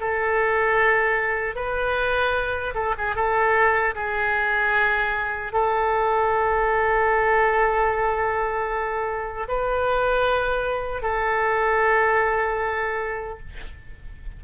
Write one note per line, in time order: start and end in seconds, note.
0.00 1.55 A4
1.55 2.73 B4
2.75 2.94 A4
2.97 3.15 G#4
3.15 3.94 A4
3.94 5.52 G#4
5.52 9.47 A4
9.48 11.02 B4
11.02 13.39 A4